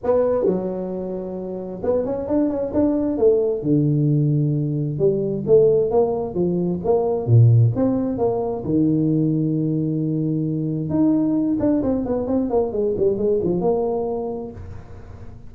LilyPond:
\new Staff \with { instrumentName = "tuba" } { \time 4/4 \tempo 4 = 132 b4 fis2. | b8 cis'8 d'8 cis'8 d'4 a4 | d2. g4 | a4 ais4 f4 ais4 |
ais,4 c'4 ais4 dis4~ | dis1 | dis'4. d'8 c'8 b8 c'8 ais8 | gis8 g8 gis8 f8 ais2 | }